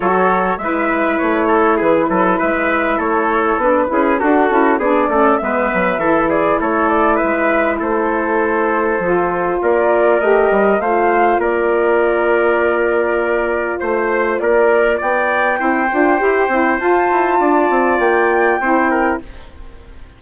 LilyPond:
<<
  \new Staff \with { instrumentName = "flute" } { \time 4/4 \tempo 4 = 100 cis''4 e''4 cis''4 b'4 | e''4 cis''4 b'4 a'4 | d''4 e''4. d''8 cis''8 d''8 | e''4 c''2. |
d''4 dis''4 f''4 d''4~ | d''2. c''4 | d''4 g''2. | a''2 g''2 | }
  \new Staff \with { instrumentName = "trumpet" } { \time 4/4 a'4 b'4. a'8 gis'8 a'8 | b'4 a'4. gis'8 fis'4 | gis'8 a'8 b'4 a'8 gis'8 a'4 | b'4 a'2. |
ais'2 c''4 ais'4~ | ais'2. c''4 | ais'4 d''4 c''2~ | c''4 d''2 c''8 ais'8 | }
  \new Staff \with { instrumentName = "saxophone" } { \time 4/4 fis'4 e'2.~ | e'2 d'8 e'8 fis'8 e'8 | d'8 cis'8 b4 e'2~ | e'2. f'4~ |
f'4 g'4 f'2~ | f'1~ | f'2 e'8 f'8 g'8 e'8 | f'2. e'4 | }
  \new Staff \with { instrumentName = "bassoon" } { \time 4/4 fis4 gis4 a4 e8 fis8 | gis4 a4 b8 cis'8 d'8 cis'8 | b8 a8 gis8 fis8 e4 a4 | gis4 a2 f4 |
ais4 a8 g8 a4 ais4~ | ais2. a4 | ais4 b4 c'8 d'8 e'8 c'8 | f'8 e'8 d'8 c'8 ais4 c'4 | }
>>